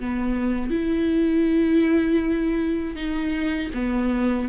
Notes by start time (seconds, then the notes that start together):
0.00 B3
0.71 E4
2.96 D#4
3.74 B3